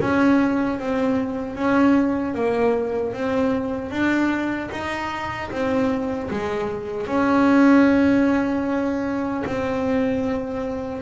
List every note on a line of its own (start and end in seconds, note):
0.00 0.79 C#4
0.79 1.55 C4
1.55 2.34 C#4
2.35 3.13 A#3
3.13 3.91 C4
3.91 4.70 D4
4.72 5.50 D#4
5.51 6.30 C4
6.31 7.07 G#3
7.07 9.44 C#4
9.46 11.02 C4